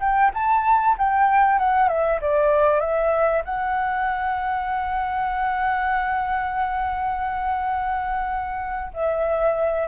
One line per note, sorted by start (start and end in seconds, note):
0.00 0.31 G5
0.34 0.97 A5
0.98 1.59 G5
1.59 1.89 F#5
1.89 2.20 E5
2.22 2.80 D5
2.80 3.43 E5
3.45 8.92 F#5
8.94 9.88 E5